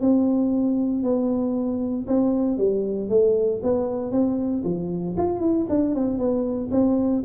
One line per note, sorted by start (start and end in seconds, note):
0.00 1.03 C4
1.03 2.06 B3
2.07 2.57 C4
2.57 3.09 G3
3.09 3.61 A3
3.62 4.11 B3
4.11 4.63 C4
4.64 5.15 F3
5.17 5.40 F4
5.40 5.66 E4
5.69 5.94 D4
5.94 6.18 C4
6.18 6.70 B3
6.71 7.23 C4